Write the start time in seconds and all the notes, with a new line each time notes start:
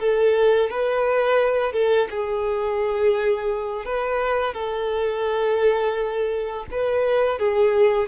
0.00 A4
0.71 B4
1.73 A4
2.11 G#4
3.86 B4
4.54 A4
6.72 B4
7.39 G#4